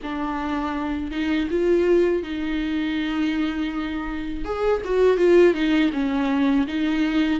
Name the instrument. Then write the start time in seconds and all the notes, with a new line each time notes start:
viola
0.02 D4
1.11 D#4
1.50 F4
2.23 D#4
4.44 G#4
4.84 F#4
5.17 F4
5.54 D#4
5.93 C#4
6.67 D#4